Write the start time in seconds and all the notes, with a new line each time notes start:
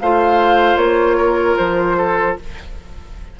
0.00 A3 F4 C5 F5
0.75 A#3 C#5
1.17 A#4
1.57 F3 C5
1.97 A4